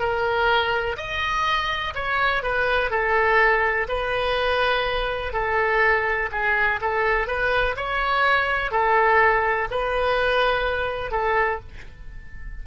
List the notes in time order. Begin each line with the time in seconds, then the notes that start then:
0.00 A#4
0.97 D#5
1.95 C#5
2.43 B4
2.91 A4
3.89 B4
5.33 A4
6.32 G#4
6.81 A4
7.28 B4
7.76 C#5
8.71 A4
9.71 B4
11.12 A4